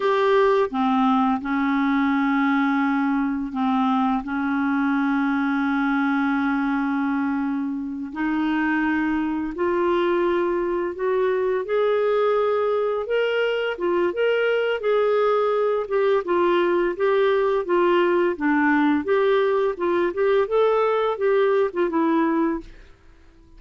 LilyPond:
\new Staff \with { instrumentName = "clarinet" } { \time 4/4 \tempo 4 = 85 g'4 c'4 cis'2~ | cis'4 c'4 cis'2~ | cis'2.~ cis'8 dis'8~ | dis'4. f'2 fis'8~ |
fis'8 gis'2 ais'4 f'8 | ais'4 gis'4. g'8 f'4 | g'4 f'4 d'4 g'4 | f'8 g'8 a'4 g'8. f'16 e'4 | }